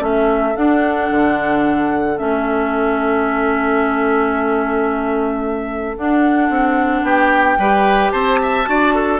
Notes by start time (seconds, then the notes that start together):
0.00 A3 C#4 A4 E5
0.56 D4 F#5
1.11 D3
2.17 A3 C#4 E5
5.97 D4 F#5
6.50 C4
7.03 B3 G4 G5
7.58 G3 G4 B4
8.11 C4 C5 A5
8.42 E5
8.66 D4 F#4 D5
8.95 A4